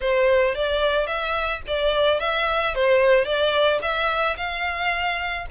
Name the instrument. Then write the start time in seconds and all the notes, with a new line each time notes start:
violin
0.00 C5
0.55 D5
1.06 E5
1.67 D5
2.20 E5
2.74 C5
3.24 D5
3.82 E5
4.37 F5